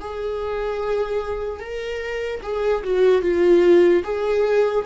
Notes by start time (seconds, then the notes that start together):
0.00 G#4
1.60 A#4
2.43 G#4
2.84 F#4
3.22 F4
4.04 G#4